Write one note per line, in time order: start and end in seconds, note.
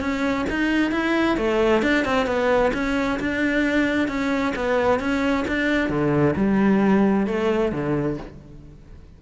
0.00 0.45 C#4
0.49 0.92 D#4
0.92 1.37 E4
1.37 1.82 A3
1.82 2.05 D4
2.05 2.26 C4
2.26 2.72 B3
2.73 3.19 C#4
3.20 4.08 D4
4.08 4.53 C#4
4.56 4.99 B3
4.99 5.45 C#4
5.48 5.89 D4
5.89 6.35 D3
6.36 7.27 G3
7.27 7.72 A3
7.72 8.17 D3